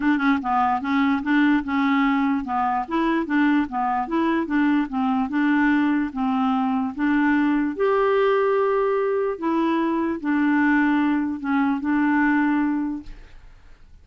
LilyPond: \new Staff \with { instrumentName = "clarinet" } { \time 4/4 \tempo 4 = 147 d'8 cis'8 b4 cis'4 d'4 | cis'2 b4 e'4 | d'4 b4 e'4 d'4 | c'4 d'2 c'4~ |
c'4 d'2 g'4~ | g'2. e'4~ | e'4 d'2. | cis'4 d'2. | }